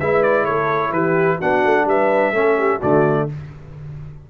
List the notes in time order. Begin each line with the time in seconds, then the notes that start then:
0.00 G#3 E4 B4 E5
0.23 D5
0.45 A3 A4 C#5
0.91 E3 G4 B4
1.38 B3 D4 F#4 F#5
1.65 A3
1.85 G3 B4 E5
2.32 A3 C#4 A4
2.59 G4
2.79 D3 A3 F#4 D5